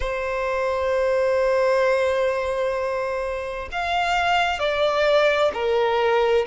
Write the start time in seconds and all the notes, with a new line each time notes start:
0.00 C5
3.71 F5
4.59 D5
5.53 A#4